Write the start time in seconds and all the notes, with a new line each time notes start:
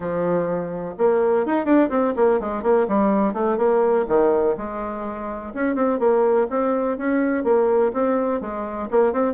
0.00 F3
0.98 A#3
1.46 D#4
1.65 D4
1.89 C4
2.16 A#3
2.40 G#3
2.62 A#3
2.88 G3
3.33 A3
3.57 A#3
4.08 D#3
4.57 G#3
5.54 C#4
5.75 C4
5.99 A#3
6.49 C4
6.97 C#4
7.44 A#3
7.93 C4
8.40 G#3
8.90 A#3
9.12 C4